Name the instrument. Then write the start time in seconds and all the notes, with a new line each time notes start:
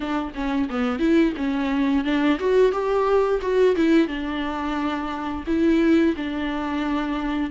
viola
0.00 D4
0.34 C#4
0.69 B3
0.99 E4
1.36 C#4
2.04 D4
2.39 F#4
2.71 G4
3.41 F#4
3.76 E4
4.07 D4
5.46 E4
6.16 D4